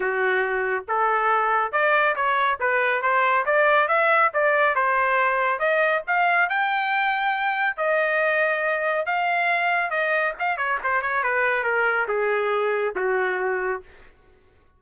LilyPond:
\new Staff \with { instrumentName = "trumpet" } { \time 4/4 \tempo 4 = 139 fis'2 a'2 | d''4 cis''4 b'4 c''4 | d''4 e''4 d''4 c''4~ | c''4 dis''4 f''4 g''4~ |
g''2 dis''2~ | dis''4 f''2 dis''4 | f''8 cis''8 c''8 cis''8 b'4 ais'4 | gis'2 fis'2 | }